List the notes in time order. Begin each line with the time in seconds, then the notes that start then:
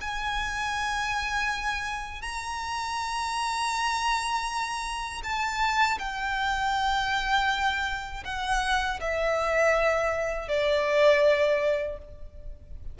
0.00 G#5
2.21 A#5
5.23 A5
5.98 G5
8.24 F#5
9.00 E5
10.48 D5